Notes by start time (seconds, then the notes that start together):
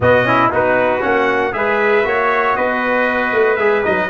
0.00 B2 B3 F#4 D#5
0.23 C#4 E4
0.49 B3 D#4 F#4 B4
1.00 A#3 C#4 F#5
1.52 G#3 G#4 B4 E5
2.03 A#3 F#4 C#5
2.55 B3 B4 D#5
3.32 A3
3.56 G#3 G#4 E5
3.84 F#3 D#4 D#5